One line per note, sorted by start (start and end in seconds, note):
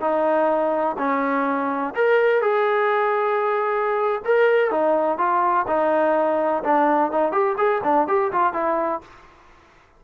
0.00 0.96 D#4
0.98 1.94 C#4
1.94 2.41 A#4
2.41 4.21 G#4
4.25 4.70 A#4
4.70 5.18 D#4
5.18 5.66 F4
5.67 6.63 D#4
6.63 7.11 D4
7.11 7.31 D#4
7.31 7.55 G4
7.57 7.81 G#4
7.83 8.07 D4
8.07 8.31 G4
8.32 8.53 F4
8.53 9.01 E4